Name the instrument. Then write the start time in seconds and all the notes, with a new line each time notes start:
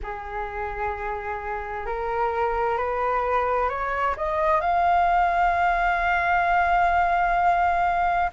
flute
0.03 G#4
1.86 A#4
2.77 B4
3.69 C#5
4.17 D#5
4.61 F5